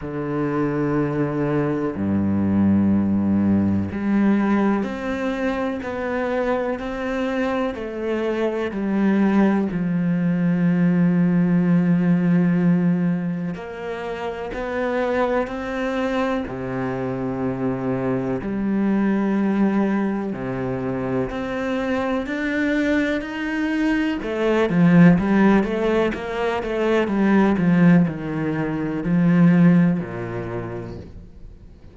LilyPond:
\new Staff \with { instrumentName = "cello" } { \time 4/4 \tempo 4 = 62 d2 g,2 | g4 c'4 b4 c'4 | a4 g4 f2~ | f2 ais4 b4 |
c'4 c2 g4~ | g4 c4 c'4 d'4 | dis'4 a8 f8 g8 a8 ais8 a8 | g8 f8 dis4 f4 ais,4 | }